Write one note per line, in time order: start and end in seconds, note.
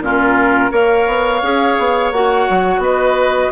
0.00 0.70 A#2
0.00 0.71 C#4
0.00 0.71 F4
0.00 0.73 A#4
0.71 1.07 A#3
0.71 1.41 A#4
0.71 2.81 C#5
0.71 2.12 F5
1.07 1.42 B3
1.42 1.77 C#4
1.42 2.13 G#4
1.79 2.12 B3
2.12 2.47 A#3
2.12 3.51 F#4
2.12 2.82 F#5
2.50 2.78 F#3
2.78 3.48 B3
2.78 3.51 B4
2.78 3.51 D#5